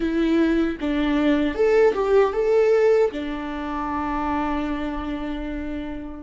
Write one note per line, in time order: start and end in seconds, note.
0.00 0.78 E4
0.80 1.54 D4
1.54 1.93 A4
1.94 2.33 G4
2.33 3.11 A4
3.11 6.23 D4